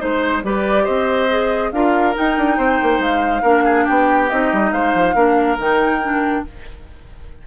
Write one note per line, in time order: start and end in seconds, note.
0.00 0.44 G#3
0.00 0.43 D#4
0.00 0.44 C5
0.00 0.45 C5
0.44 0.87 G3
0.44 1.30 G4
0.44 0.84 B4
0.44 0.86 D5
0.84 1.72 C4
0.84 1.70 C5
0.84 1.72 D#5
1.30 1.73 G#4
1.72 2.15 D4
1.72 2.15 F4
1.72 2.58 A#4
1.72 2.15 F5
2.15 3.43 D#4
2.15 2.38 D#4
2.15 3.03 G5
2.38 2.58 D4
2.58 2.80 C4
2.58 3.42 C5
2.83 2.99 A#3
2.99 3.42 G#3
2.99 3.88 F5
3.42 3.87 A#3
3.42 4.30 D4
3.42 3.64 A#4
3.65 3.85 G#4
3.85 4.32 B3
3.85 4.71 G4
3.85 4.30 G5
4.30 4.53 C4
4.30 5.15 D#4
4.30 4.73 D#5
4.53 4.73 G3
4.73 4.94 G#3
4.73 5.16 C5
4.73 5.58 F5
4.95 5.15 F3
5.15 5.58 A#3
5.15 5.58 D4
5.15 6.44 A#4
5.58 6.44 D#3
5.58 6.02 D#4
5.58 6.47 G5
6.03 6.46 D4